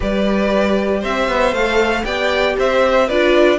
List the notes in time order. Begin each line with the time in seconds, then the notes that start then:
0.00 G3 G4 B4 D5
1.00 C4 C5 E5
1.28 B3
1.52 A3 A4 F5
2.04 B3 G4 D5 G5
2.58 C4 C5 E5
3.06 D4 F4 B4 D5